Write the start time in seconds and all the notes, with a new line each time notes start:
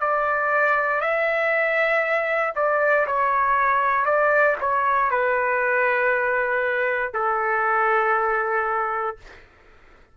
0.00 D5
1.01 E5
2.55 D5
3.06 C#5
4.05 D5
4.60 C#5
5.10 B4
7.13 A4